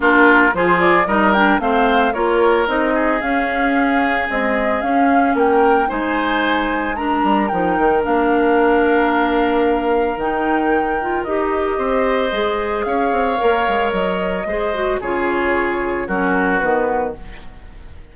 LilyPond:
<<
  \new Staff \with { instrumentName = "flute" } { \time 4/4 \tempo 4 = 112 ais'4 c''8 d''8 dis''8 g''8 f''4 | cis''4 dis''4 f''2 | dis''4 f''4 g''4 gis''4~ | gis''4 ais''4 g''4 f''4~ |
f''2. g''4~ | g''4 dis''2. | f''2 dis''2 | cis''2 ais'4 b'4 | }
  \new Staff \with { instrumentName = "oboe" } { \time 4/4 f'4 gis'4 ais'4 c''4 | ais'4. gis'2~ gis'8~ | gis'2 ais'4 c''4~ | c''4 ais'2.~ |
ais'1~ | ais'2 c''2 | cis''2. c''4 | gis'2 fis'2 | }
  \new Staff \with { instrumentName = "clarinet" } { \time 4/4 d'4 f'4 dis'8 d'8 c'4 | f'4 dis'4 cis'2 | gis4 cis'2 dis'4~ | dis'4 d'4 dis'4 d'4~ |
d'2. dis'4~ | dis'8 f'8 g'2 gis'4~ | gis'4 ais'2 gis'8 fis'8 | f'2 cis'4 b4 | }
  \new Staff \with { instrumentName = "bassoon" } { \time 4/4 ais4 f4 g4 a4 | ais4 c'4 cis'2 | c'4 cis'4 ais4 gis4~ | gis4. g8 f8 dis8 ais4~ |
ais2. dis4~ | dis4 dis'4 c'4 gis4 | cis'8 c'8 ais8 gis8 fis4 gis4 | cis2 fis4 dis4 | }
>>